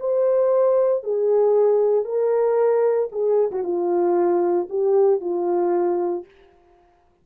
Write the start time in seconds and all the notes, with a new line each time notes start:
0.00 C5
1.04 G#4
2.05 A#4
3.12 G#4
3.52 F#4
3.64 F4
4.70 G4
5.21 F4